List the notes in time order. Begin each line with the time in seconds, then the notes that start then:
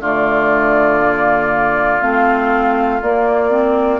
0.00 D3 A3 F4 D5
1.00 A#3
2.00 A3 C4 F5
3.01 A#3 D5
3.49 C4